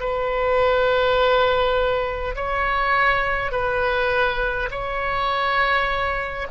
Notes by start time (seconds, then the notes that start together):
0.00 B4
2.36 C#5
3.52 B4
4.71 C#5